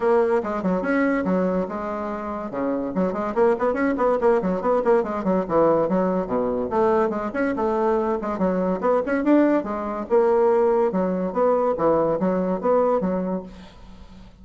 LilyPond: \new Staff \with { instrumentName = "bassoon" } { \time 4/4 \tempo 4 = 143 ais4 gis8 fis8 cis'4 fis4 | gis2 cis4 fis8 gis8 | ais8 b8 cis'8 b8 ais8 fis8 b8 ais8 | gis8 fis8 e4 fis4 b,4 |
a4 gis8 cis'8 a4. gis8 | fis4 b8 cis'8 d'4 gis4 | ais2 fis4 b4 | e4 fis4 b4 fis4 | }